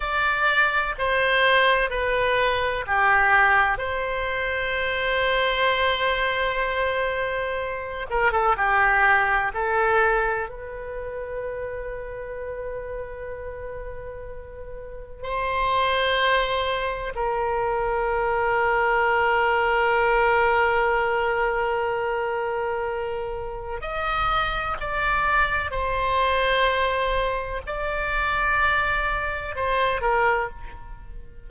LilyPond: \new Staff \with { instrumentName = "oboe" } { \time 4/4 \tempo 4 = 63 d''4 c''4 b'4 g'4 | c''1~ | c''8 ais'16 a'16 g'4 a'4 b'4~ | b'1 |
c''2 ais'2~ | ais'1~ | ais'4 dis''4 d''4 c''4~ | c''4 d''2 c''8 ais'8 | }